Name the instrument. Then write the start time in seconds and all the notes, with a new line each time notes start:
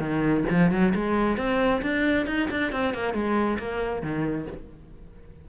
cello
0.00 D#3
0.50 F3
0.71 F#3
0.95 G#3
1.38 C4
1.82 D4
2.27 D#4
2.51 D4
2.72 C4
2.94 A#3
3.14 G#3
3.59 A#3
4.02 D#3